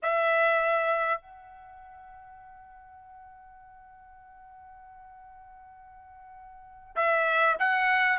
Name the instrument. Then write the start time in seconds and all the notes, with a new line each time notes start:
trumpet
0.02 E5
1.21 F#5
6.95 E5
7.59 F#5